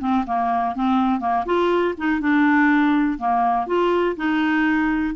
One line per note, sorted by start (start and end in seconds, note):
0.00 0.25 C4
0.26 0.75 A#3
0.75 1.20 C4
1.20 1.44 A#3
1.45 1.94 F4
1.97 2.20 D#4
2.20 3.18 D4
3.18 3.66 A#3
3.66 4.15 F4
4.16 5.14 D#4